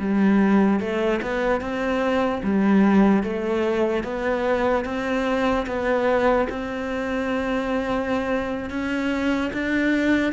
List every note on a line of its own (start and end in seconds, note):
0.00 0.81 G3
0.81 1.21 A3
1.22 1.61 B3
1.61 2.42 C4
2.44 3.24 G3
3.24 4.04 A3
4.04 4.85 B3
4.85 5.66 C4
5.67 6.48 B3
6.50 8.71 C4
8.71 9.52 C#4
9.53 10.33 D4